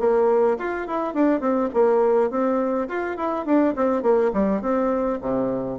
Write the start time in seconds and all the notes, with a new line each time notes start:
0.00 A#3
0.59 F4
0.88 E4
1.14 D4
1.41 C4
1.74 A#3
2.31 C4
2.89 F4
3.17 E4
3.46 D4
3.77 C4
4.03 A#3
4.33 G3
4.62 C4
5.22 C3